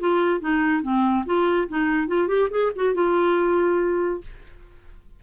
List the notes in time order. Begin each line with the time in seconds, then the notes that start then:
0.00 F4
0.41 D#4
0.83 C4
1.26 F4
1.69 D#4
2.08 F4
2.28 G4
2.51 G#4
2.76 F#4
2.95 F4